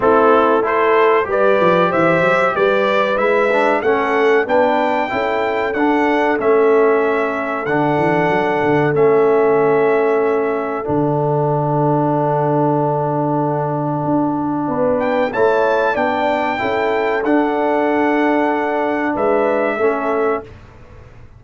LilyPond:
<<
  \new Staff \with { instrumentName = "trumpet" } { \time 4/4 \tempo 4 = 94 a'4 c''4 d''4 e''4 | d''4 e''4 fis''4 g''4~ | g''4 fis''4 e''2 | fis''2 e''2~ |
e''4 fis''2.~ | fis''2.~ fis''8 g''8 | a''4 g''2 fis''4~ | fis''2 e''2 | }
  \new Staff \with { instrumentName = "horn" } { \time 4/4 e'4 a'4 b'4 c''4 | b'2 a'4 b'4 | a'1~ | a'1~ |
a'1~ | a'2. b'4 | cis''4 d''4 a'2~ | a'2 b'4 a'4 | }
  \new Staff \with { instrumentName = "trombone" } { \time 4/4 c'4 e'4 g'2~ | g'4 e'8 d'8 cis'4 d'4 | e'4 d'4 cis'2 | d'2 cis'2~ |
cis'4 d'2.~ | d'1 | e'4 d'4 e'4 d'4~ | d'2. cis'4 | }
  \new Staff \with { instrumentName = "tuba" } { \time 4/4 a2 g8 f8 e8 fis8 | g4 gis4 a4 b4 | cis'4 d'4 a2 | d8 e8 fis8 d8 a2~ |
a4 d2.~ | d2 d'4 b4 | a4 b4 cis'4 d'4~ | d'2 gis4 a4 | }
>>